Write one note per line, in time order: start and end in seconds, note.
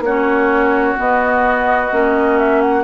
0.00 0.94 A#3
0.00 0.97 C#4
0.00 2.84 F#4
0.00 0.98 C#5
0.97 1.91 B3
0.97 1.92 B3
0.97 2.38 D#5
1.91 2.84 A#3
1.91 2.84 C#4
2.38 2.62 E5
2.62 2.84 F#5